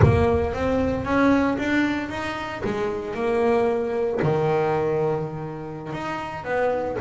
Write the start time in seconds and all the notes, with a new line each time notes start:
0.02 A#3
0.53 C4
1.05 C#4
1.58 D4
2.09 D#4
2.64 G#3
3.14 A#3
4.22 D#3
5.93 D#4
6.44 B3